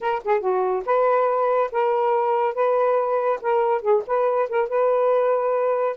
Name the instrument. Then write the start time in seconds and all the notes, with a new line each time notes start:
saxophone
0.00 A#4
0.24 G#4
0.40 F#4
0.85 B4
1.71 A#4
2.54 B4
3.41 A#4
3.81 G#4
4.06 B4
4.49 A#4
4.68 B4